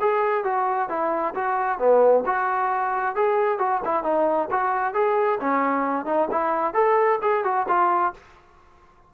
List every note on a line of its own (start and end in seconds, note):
0.00 0.44 G#4
0.44 0.89 F#4
0.89 1.34 E4
1.34 1.78 F#4
1.78 2.24 B3
2.25 3.15 F#4
3.15 3.58 G#4
3.58 3.81 F#4
3.84 4.03 E4
4.03 4.48 D#4
4.51 4.93 F#4
4.93 5.38 G#4
5.40 6.05 C#4
6.05 6.28 D#4
6.30 6.74 E4
6.74 7.19 A4
7.21 7.44 G#4
7.44 7.66 F#4
7.68 8.13 F4